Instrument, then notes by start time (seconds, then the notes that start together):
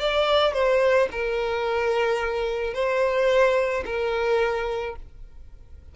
violin
0.00 D5
0.54 C5
1.11 A#4
2.74 C5
3.86 A#4